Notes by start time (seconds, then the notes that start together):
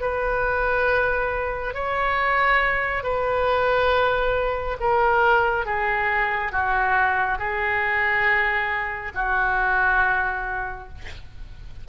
0.00 B4
1.74 C#5
3.03 B4
4.80 A#4
5.65 G#4
6.52 F#4
7.38 G#4
9.15 F#4